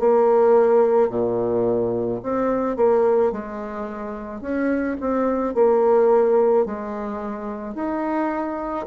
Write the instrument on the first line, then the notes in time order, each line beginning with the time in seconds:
bassoon
0.00 A#3
1.10 A#2
2.23 C4
2.77 A#3
3.32 G#3
4.41 C#4
5.01 C4
5.55 A#3
6.66 G#3
7.75 D#4